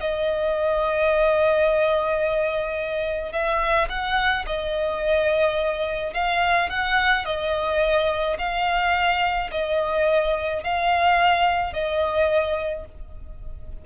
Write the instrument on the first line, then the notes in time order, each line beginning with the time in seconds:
violin
0.00 D#5
3.32 E5
3.89 F#5
4.46 D#5
6.13 F5
6.69 F#5
7.25 D#5
8.38 F5
9.51 D#5
10.63 F5
11.73 D#5